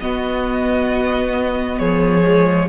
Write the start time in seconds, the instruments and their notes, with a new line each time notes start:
0.00 cello B3, viola B3, violin F#4 D#5
1.79 cello F3, violin G#4 C#5
2.23 viola G#3